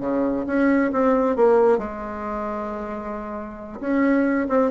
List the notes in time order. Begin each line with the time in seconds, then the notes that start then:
0.00 C#3
0.47 C#4
0.92 C4
1.36 A#3
1.78 G#3
3.80 C#4
4.49 C4